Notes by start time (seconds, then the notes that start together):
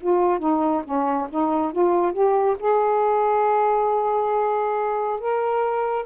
0.00 F4
0.39 D#4
0.84 C#4
1.29 D#4
1.72 F4
2.13 G4
2.59 G#4
5.20 A#4